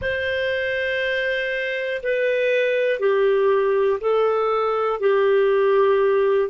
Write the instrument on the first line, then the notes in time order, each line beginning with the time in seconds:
clarinet
0.01 C5
2.03 B4
2.99 G4
4.00 A4
5.00 G4